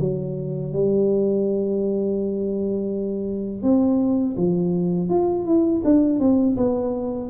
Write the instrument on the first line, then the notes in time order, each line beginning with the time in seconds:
tuba
0.00 F#3
0.73 G3
3.63 C4
4.37 F3
5.10 F4
5.46 E4
5.85 D4
6.20 C4
6.57 B3